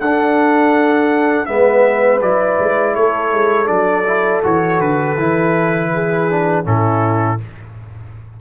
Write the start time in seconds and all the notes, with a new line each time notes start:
0.00 D4 A4 F#5
1.46 G#3 B3 B4 E5
2.21 F#3 E4 D5
2.59 G#3
2.95 A3 A4 C#5
3.32 G#3
3.67 F#3 D4 D5
4.07 E4
4.43 E3 F#4 C#5
4.79 D3 B4
5.17 E3 E4
5.93 G#4
6.30 D4
6.64 A2 C#4 E4 A4